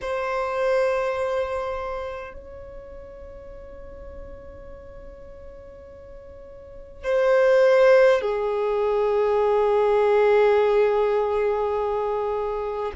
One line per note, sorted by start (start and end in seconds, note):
0.01 2.33 C5
2.33 7.03 C#5
7.03 8.21 C5
8.21 12.91 G#4